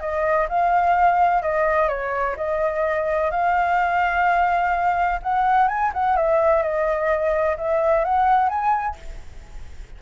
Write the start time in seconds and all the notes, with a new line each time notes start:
0.00 D#5
0.49 F5
1.42 D#5
1.88 C#5
2.36 D#5
3.31 F5
5.22 F#5
5.68 G#5
5.93 F#5
6.16 E5
6.62 D#5
7.57 E5
8.04 F#5
8.48 G#5